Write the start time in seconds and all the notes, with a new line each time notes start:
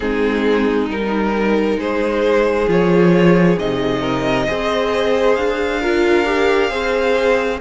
0.00 G#3 C4 D#4 G#4
0.88 G3 D#4 A#4
1.77 G#3 G#4 C5
2.68 F3 F4 C#5
3.58 C3 D#4 D#5
4.01 A#4
4.47 C4 G#4 C5
5.35 D4 F5
5.81 F4 A#4
6.25 G4
6.69 C4 G#4 C5